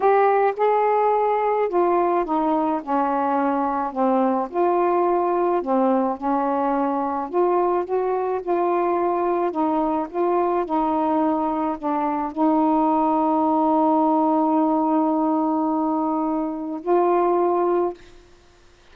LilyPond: \new Staff \with { instrumentName = "saxophone" } { \time 4/4 \tempo 4 = 107 g'4 gis'2 f'4 | dis'4 cis'2 c'4 | f'2 c'4 cis'4~ | cis'4 f'4 fis'4 f'4~ |
f'4 dis'4 f'4 dis'4~ | dis'4 d'4 dis'2~ | dis'1~ | dis'2 f'2 | }